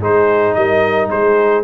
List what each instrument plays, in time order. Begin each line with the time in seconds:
0.00 tuba G#3, trombone D#4, horn G#4, trumpet C5
0.55 tuba G3, horn A#4, trumpet D#5
1.10 tuba G#3, horn G#4, trumpet C5